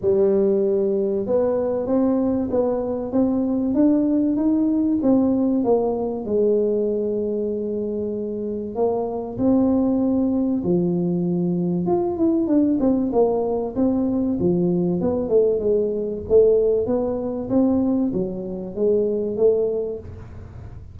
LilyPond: \new Staff \with { instrumentName = "tuba" } { \time 4/4 \tempo 4 = 96 g2 b4 c'4 | b4 c'4 d'4 dis'4 | c'4 ais4 gis2~ | gis2 ais4 c'4~ |
c'4 f2 f'8 e'8 | d'8 c'8 ais4 c'4 f4 | b8 a8 gis4 a4 b4 | c'4 fis4 gis4 a4 | }